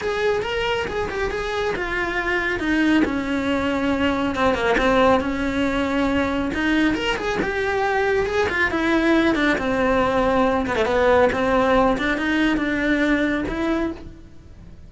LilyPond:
\new Staff \with { instrumentName = "cello" } { \time 4/4 \tempo 4 = 138 gis'4 ais'4 gis'8 g'8 gis'4 | f'2 dis'4 cis'4~ | cis'2 c'8 ais8 c'4 | cis'2. dis'4 |
ais'8 gis'8 g'2 gis'8 f'8 | e'4. d'8 c'2~ | c'8 b16 a16 b4 c'4. d'8 | dis'4 d'2 e'4 | }